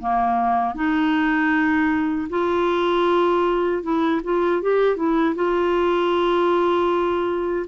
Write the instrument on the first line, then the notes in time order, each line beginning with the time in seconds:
clarinet
0.00 A#3
0.75 D#4
2.30 F4
3.83 E4
4.24 F4
4.62 G4
4.97 E4
5.35 F4